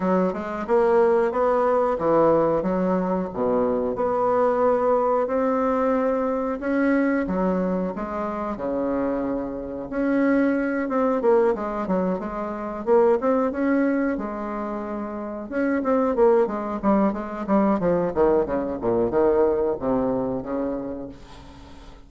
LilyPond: \new Staff \with { instrumentName = "bassoon" } { \time 4/4 \tempo 4 = 91 fis8 gis8 ais4 b4 e4 | fis4 b,4 b2 | c'2 cis'4 fis4 | gis4 cis2 cis'4~ |
cis'8 c'8 ais8 gis8 fis8 gis4 ais8 | c'8 cis'4 gis2 cis'8 | c'8 ais8 gis8 g8 gis8 g8 f8 dis8 | cis8 ais,8 dis4 c4 cis4 | }